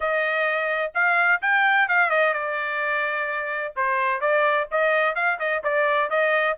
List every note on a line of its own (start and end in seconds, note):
0.00 0.91 D#5
0.94 1.41 F5
1.41 1.88 G5
1.88 2.10 F5
2.10 2.33 D#5
2.33 3.74 D5
3.76 4.21 C5
4.21 4.67 D5
4.71 5.15 D#5
5.15 5.38 F5
5.39 5.62 D#5
5.63 6.09 D5
6.09 6.56 D#5